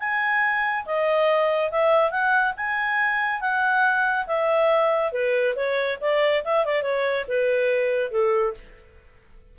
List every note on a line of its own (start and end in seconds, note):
0.00 0.86 G#5
0.86 1.72 D#5
1.72 2.11 E5
2.11 2.54 F#5
2.58 3.41 G#5
3.41 4.27 F#5
4.27 5.13 E5
5.13 5.55 B4
5.56 5.99 C#5
6.01 6.44 D5
6.45 6.66 E5
6.66 6.83 D5
6.83 7.26 C#5
7.28 8.12 B4
8.12 8.54 A4